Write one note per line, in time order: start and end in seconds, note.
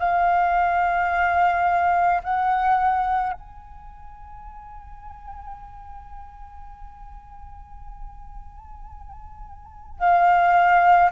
0.00 2.22 F5
2.24 3.33 F#5
3.33 9.99 G#5
9.99 11.10 F5